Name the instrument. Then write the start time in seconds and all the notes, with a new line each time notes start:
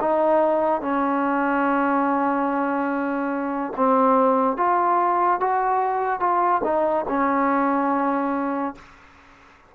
trombone
0.00 D#4
0.81 C#4
3.77 C4
4.57 F4
5.40 F#4
6.20 F4
6.64 D#4
7.08 C#4